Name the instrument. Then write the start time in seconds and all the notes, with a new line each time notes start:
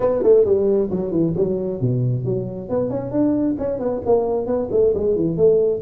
tuba
0.00 B3
0.22 A3
0.44 G3
0.90 F#3
1.11 E3
1.36 F#3
1.80 B2
2.24 F#3
2.69 B3
2.89 C#4
3.11 D4
3.58 C#4
3.79 B3
4.05 A#3
4.46 B3
4.71 A3
4.94 G#3
5.15 E3
5.36 A3